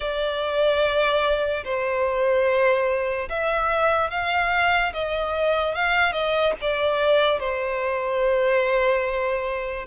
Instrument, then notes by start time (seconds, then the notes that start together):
violin
0.00 D5
1.64 C5
3.29 E5
4.10 F5
4.93 D#5
5.74 F5
6.12 D#5
6.61 D5
7.39 C5